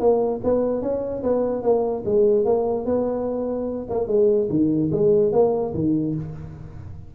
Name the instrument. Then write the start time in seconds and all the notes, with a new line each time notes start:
tuba
0.00 A#3
0.44 B3
0.82 C#4
1.24 B3
1.63 A#3
2.06 G#3
2.45 A#3
2.86 B3
3.90 A#3
4.08 G#3
4.50 D#3
4.92 G#3
5.32 A#3
5.74 D#3